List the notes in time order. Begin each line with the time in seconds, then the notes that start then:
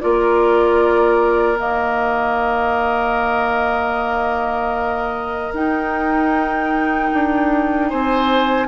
0.00 A#3 F4 A#4 D5
1.57 D#3 A#3 D#5
5.53 D#4 G5
7.13 D4
7.89 C4 C5 G#5